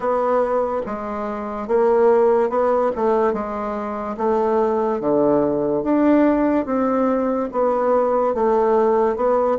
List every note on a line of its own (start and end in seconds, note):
0.00 0.81 B3
0.86 1.67 G#3
1.67 2.49 A#3
2.49 2.91 B3
2.95 3.33 A3
3.33 4.16 G#3
4.17 5.00 A3
5.00 5.83 D3
5.83 6.65 D4
6.65 7.48 C4
7.52 8.34 B3
8.34 9.16 A3
9.16 9.57 B3